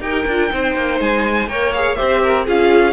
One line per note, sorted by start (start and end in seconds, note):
0.00 0.24 D#4
0.00 0.25 G4
0.00 0.53 A#4
0.00 0.99 G5
0.26 0.50 D4
0.26 0.50 F4
0.50 0.75 C4
0.50 1.48 D#4
0.50 1.49 C5
0.75 1.00 A#3
1.00 1.47 G#3
1.00 1.47 G#5
1.47 1.96 A#3
1.47 1.73 A#4
1.47 1.97 C#5
1.47 1.72 G5
1.73 1.97 G#4
1.73 1.95 F5
1.95 2.46 G4
1.95 2.21 C5
1.95 2.44 E5
2.01 2.47 C4
2.22 2.45 A#4
2.45 2.93 C#4
2.45 2.93 F4
2.45 2.93 G#4
2.45 2.93 F5